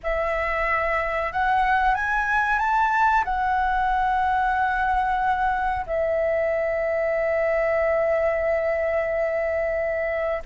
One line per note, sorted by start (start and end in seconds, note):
0.03 1.32 E5
1.32 1.94 F#5
1.94 2.58 G#5
2.58 3.24 A5
3.24 5.85 F#5
5.86 10.43 E5